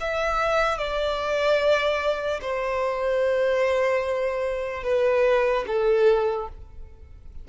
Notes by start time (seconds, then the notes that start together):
0.00 E5
0.78 D5
2.41 C5
4.83 B4
5.67 A4